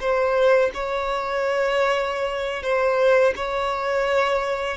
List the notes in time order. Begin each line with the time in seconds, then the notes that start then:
0.00 C5
0.73 C#5
2.62 C5
3.36 C#5